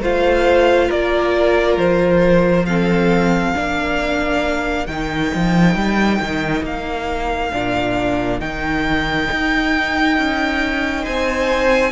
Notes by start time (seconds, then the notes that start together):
0.00 A3 F4 C5 F5
0.88 A#3 A#4 D5
1.77 F3 C5
2.66 C4 A4 F5
3.54 A#3 D4 A#4
4.86 D#3 D#4 G5
5.34 F3
5.75 G3
6.20 D#3
6.62 A#3 F5
7.51 A#2 D4
8.39 D#3 D#4 G5
9.31 D#4
10.18 C#4
11.02 C4 C5 G#5